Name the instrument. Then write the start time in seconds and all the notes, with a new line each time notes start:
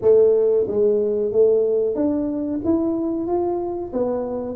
tuba
0.01 A3
0.67 G#3
1.32 A3
1.95 D4
2.64 E4
3.26 F4
3.92 B3